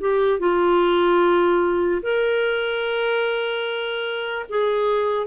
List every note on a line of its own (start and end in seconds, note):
0.00 0.39 G4
0.39 2.01 F4
2.02 4.46 A#4
4.49 5.27 G#4